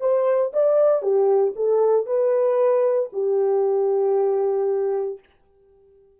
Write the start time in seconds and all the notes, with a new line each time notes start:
0.00 C5
0.53 D5
1.02 G4
1.56 A4
2.06 B4
3.13 G4